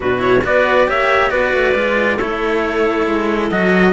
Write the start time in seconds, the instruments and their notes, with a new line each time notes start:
0.00 cello B2 D4, clarinet F#4, trumpet B4
0.18 cello E4, trumpet C#5
0.44 cello B3 F#4, clarinet B4, trumpet D5
0.87 cello A#3 G4, clarinet C#5, trumpet E5
1.29 cello B3 F#4, clarinet B4, trumpet D5
1.53 cello A3
1.74 cello G#3 F4
2.17 cello A3 E4, clarinet A4, trumpet C#5
3.06 cello G#3
3.50 cello F#3 F#4, trumpet D#5